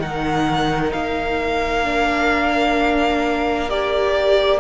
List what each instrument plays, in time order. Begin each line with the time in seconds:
0.00 cello D#3, viola D#4, violin A#4 F#5
0.93 cello A#3, violin F5
1.84 viola D4
3.69 viola G4, violin D5